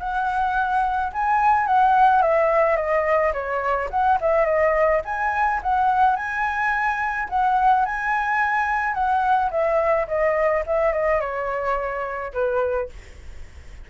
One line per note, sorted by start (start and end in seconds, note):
0.00 1.12 F#5
1.13 1.67 G#5
1.67 2.22 F#5
2.22 2.77 E5
2.77 3.33 D#5
3.33 3.89 C#5
3.90 4.19 F#5
4.21 4.45 E5
4.45 5.01 D#5
5.05 5.61 G#5
5.63 6.16 F#5
6.16 7.28 G#5
7.29 7.85 F#5
7.85 8.94 G#5
8.94 9.50 F#5
9.51 10.07 E5
10.08 10.64 D#5
10.66 10.93 E5
10.93 11.21 D#5
11.21 12.33 C#5
12.33 12.89 B4